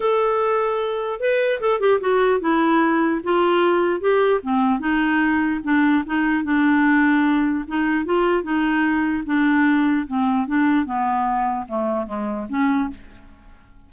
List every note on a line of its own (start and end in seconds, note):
0.00 1.20 A4
1.20 1.60 B4
1.60 1.80 A4
1.80 2.00 G4
2.00 2.40 F#4
2.40 3.21 E4
3.23 4.00 F4
4.00 4.40 G4
4.42 4.79 C4
4.79 5.60 D#4
5.63 6.03 D4
6.06 6.44 D#4
6.44 7.64 D4
7.67 8.05 D#4
8.05 8.43 F4
8.43 9.23 D#4
9.26 10.06 D4
10.07 10.47 C4
10.47 10.85 D4
10.85 11.66 B3
11.67 12.06 A3
12.06 12.46 G#3
12.49 12.89 C#4